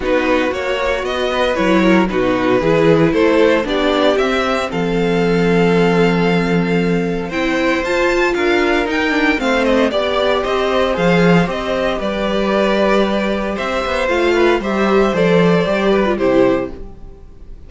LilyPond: <<
  \new Staff \with { instrumentName = "violin" } { \time 4/4 \tempo 4 = 115 b'4 cis''4 dis''4 cis''4 | b'2 c''4 d''4 | e''4 f''2.~ | f''2 g''4 a''4 |
f''4 g''4 f''8 dis''8 d''4 | dis''4 f''4 dis''4 d''4~ | d''2 e''4 f''4 | e''4 d''2 c''4 | }
  \new Staff \with { instrumentName = "violin" } { \time 4/4 fis'2~ fis'8 b'4 ais'8 | fis'4 gis'4 a'4 g'4~ | g'4 a'2.~ | a'2 c''2 |
ais'2 c''4 d''4 | c''2. b'4~ | b'2 c''4. b'8 | c''2~ c''8 b'8 g'4 | }
  \new Staff \with { instrumentName = "viola" } { \time 4/4 dis'4 fis'2 e'4 | dis'4 e'2 d'4 | c'1~ | c'2 e'4 f'4~ |
f'4 dis'8 d'8 c'4 g'4~ | g'4 gis'4 g'2~ | g'2. f'4 | g'4 a'4 g'8. f'16 e'4 | }
  \new Staff \with { instrumentName = "cello" } { \time 4/4 b4 ais4 b4 fis4 | b,4 e4 a4 b4 | c'4 f2.~ | f2 c'4 f'4 |
d'4 dis'4 a4 b4 | c'4 f4 c'4 g4~ | g2 c'8 b8 a4 | g4 f4 g4 c4 | }
>>